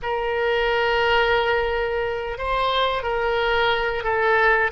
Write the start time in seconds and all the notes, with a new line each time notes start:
0.02 A#4
2.37 C5
3.02 A#4
4.03 A4